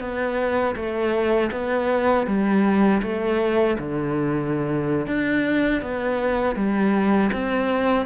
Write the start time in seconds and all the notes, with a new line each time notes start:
0.00 B3
0.75 A3
1.51 B3
2.26 G3
3.02 A3
3.78 D3
5.07 D4
5.81 B3
6.55 G3
7.33 C4